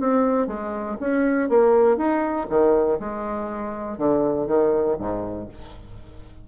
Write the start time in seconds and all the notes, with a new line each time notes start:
0.00 C4
0.47 G#3
1.00 C#4
1.49 A#3
1.97 D#4
2.50 D#3
3.00 G#3
3.98 D3
4.47 D#3
4.99 G#2